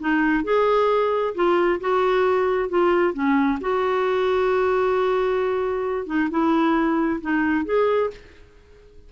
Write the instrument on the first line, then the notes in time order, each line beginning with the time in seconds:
clarinet
0.00 D#4
0.44 G#4
1.35 F4
1.80 F#4
2.69 F4
3.14 C#4
3.61 F#4
6.07 D#4
6.30 E4
7.21 D#4
7.65 G#4